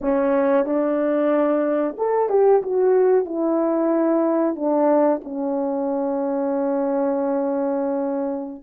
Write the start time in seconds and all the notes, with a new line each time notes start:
0.01 C#4
0.65 D4
1.97 A4
2.29 G4
2.62 F#4
3.25 E4
4.55 D4
5.24 C#4